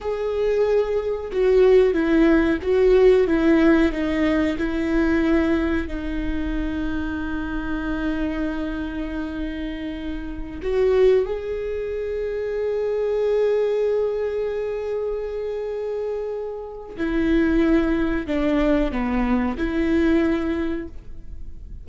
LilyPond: \new Staff \with { instrumentName = "viola" } { \time 4/4 \tempo 4 = 92 gis'2 fis'4 e'4 | fis'4 e'4 dis'4 e'4~ | e'4 dis'2.~ | dis'1~ |
dis'16 fis'4 gis'2~ gis'8.~ | gis'1~ | gis'2 e'2 | d'4 b4 e'2 | }